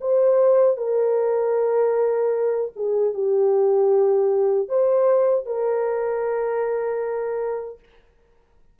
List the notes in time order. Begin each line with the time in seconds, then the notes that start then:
0.00 C5
0.77 A#4
2.75 G#4
3.13 G4
4.68 C5
5.45 A#4